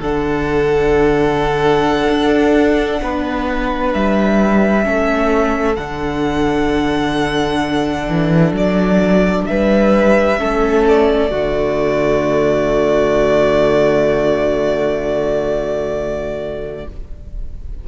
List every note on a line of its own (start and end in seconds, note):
0.00 2.08 D3
0.00 4.82 D4
0.00 3.00 A4
0.00 3.93 F#5
2.09 3.01 D4
3.01 3.94 B3
3.01 4.85 B4
3.93 4.85 G3
3.93 5.76 E5
4.82 5.77 A3
4.82 5.75 C#4
4.82 9.47 A4
5.76 8.08 D3
5.76 10.37 D4
5.76 8.53 F#5
8.08 8.52 E3
8.52 9.45 F#3
8.52 9.46 D5
9.46 10.39 G3
9.46 10.39 B4
9.46 10.84 E5
10.37 11.31 A3
10.37 11.29 C#4
10.37 11.30 A4
10.88 16.88 D5
11.30 16.85 D3
11.30 16.86 A3
11.30 16.84 F#4